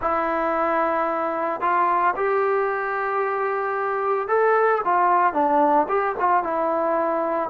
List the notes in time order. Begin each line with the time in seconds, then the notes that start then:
0.01 E4
1.61 F4
2.15 G4
4.28 A4
4.84 F4
5.33 D4
5.88 G4
6.19 F4
6.43 E4